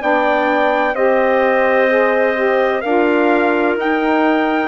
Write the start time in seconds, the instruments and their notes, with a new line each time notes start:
0.00 bassoon B3, saxophone D4, clarinet D5, trumpet G5
0.94 bassoon C4, saxophone G4, clarinet C5, trumpet D#5
1.88 saxophone G#4
2.35 saxophone G4
2.81 bassoon D4, saxophone F4, clarinet A#4, trumpet F5
3.76 bassoon D#4, saxophone D#4, trumpet G5